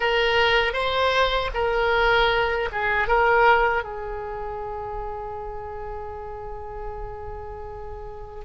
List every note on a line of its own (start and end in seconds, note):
0.00 0.73 A#4
0.73 1.50 C5
1.53 2.69 A#4
2.71 3.07 G#4
3.07 3.83 A#4
3.83 8.44 G#4